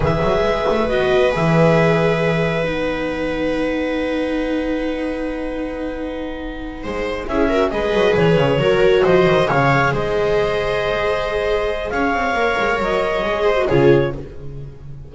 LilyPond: <<
  \new Staff \with { instrumentName = "clarinet" } { \time 4/4 \tempo 4 = 136 e''2 dis''4 e''4~ | e''2 fis''2~ | fis''1~ | fis''1~ |
fis''8 e''4 dis''4 cis''4.~ | cis''8 dis''4 f''4 dis''4.~ | dis''2. f''4~ | f''4 dis''2 cis''4 | }
  \new Staff \with { instrumentName = "viola" } { \time 4/4 b'1~ | b'1~ | b'1~ | b'2.~ b'8 c''8~ |
c''8 gis'8 ais'8 b'2 ais'8~ | ais'8 c''4 cis''4 c''4.~ | c''2. cis''4~ | cis''2~ cis''8 c''8 gis'4 | }
  \new Staff \with { instrumentName = "viola" } { \time 4/4 gis'2 fis'4 gis'4~ | gis'2 dis'2~ | dis'1~ | dis'1~ |
dis'8 e'8 fis'8 gis'2 fis'8~ | fis'4. gis'2~ gis'8~ | gis'1 | ais'2 gis'8. fis'16 f'4 | }
  \new Staff \with { instrumentName = "double bass" } { \time 4/4 e8 fis8 gis8 a8 b4 e4~ | e2 b2~ | b1~ | b2.~ b8 gis8~ |
gis8 cis'4 gis8 fis8 e8 cis8 fis8~ | fis8 f8 dis8 cis4 gis4.~ | gis2. cis'8 c'8 | ais8 gis8 fis4 gis4 cis4 | }
>>